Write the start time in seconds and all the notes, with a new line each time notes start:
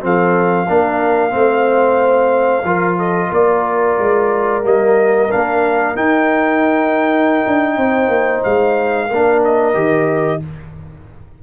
0.00 F3 C4 A4 F5
0.66 A#3 D4 A#4
1.30 A3 C4
1.36 C5
2.64 F3 F4 A#4
2.98 A4 D#5
3.28 A#3 A#4 D5
3.98 G#3
4.63 G3 A#3 D#5
5.29 A#3 D4 F5
5.95 D#4 G5
7.46 D4
7.77 C4 C5
8.08 A#3
8.43 G#3 F5
9.08 A#3 D4 A#4
9.44 D#5
9.74 D#3 G4